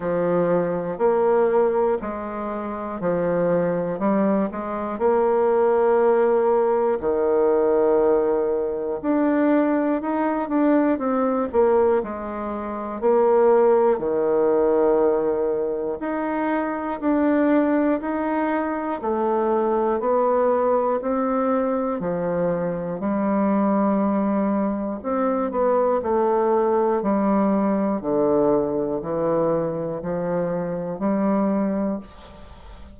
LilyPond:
\new Staff \with { instrumentName = "bassoon" } { \time 4/4 \tempo 4 = 60 f4 ais4 gis4 f4 | g8 gis8 ais2 dis4~ | dis4 d'4 dis'8 d'8 c'8 ais8 | gis4 ais4 dis2 |
dis'4 d'4 dis'4 a4 | b4 c'4 f4 g4~ | g4 c'8 b8 a4 g4 | d4 e4 f4 g4 | }